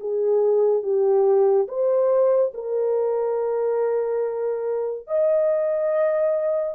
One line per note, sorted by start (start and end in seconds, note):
0.00 0.83 G#4
0.83 1.67 G4
1.68 2.52 C5
2.54 5.07 A#4
5.07 6.75 D#5